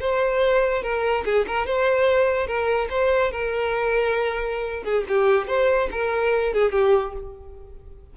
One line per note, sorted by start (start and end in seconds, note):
0.00 0.82 C5
0.82 1.24 A#4
1.25 1.46 G#4
1.47 1.66 A#4
1.66 2.47 C5
2.47 2.88 A#4
2.89 3.31 C5
3.31 4.83 A#4
4.83 5.04 G#4
5.08 5.47 G4
5.47 5.89 C5
5.91 6.53 A#4
6.53 6.71 G#4
6.71 7.13 G4